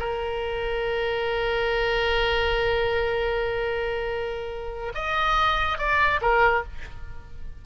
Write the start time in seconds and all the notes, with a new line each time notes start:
0.00 A#4
4.95 D#5
5.79 D5
6.22 A#4